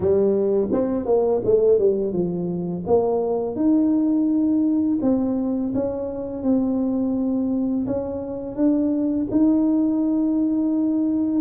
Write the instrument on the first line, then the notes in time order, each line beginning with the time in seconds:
tuba
0.00 G3
0.71 C4
1.05 A#3
1.44 A3
1.79 G3
2.12 F3
2.86 A#3
3.55 D#4
5.01 C4
5.74 C#4
6.43 C4
7.86 C#4
8.55 D4
9.31 D#4